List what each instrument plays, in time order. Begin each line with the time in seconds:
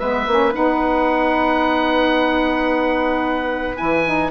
0.00 bassoon G#3, saxophone B3, trumpet B4, oboe E5
0.27 bassoon A#3, saxophone C#4
0.53 bassoon B3, saxophone D#4, oboe F#5
3.76 bassoon E3, saxophone E4, oboe G#5
4.06 saxophone D#4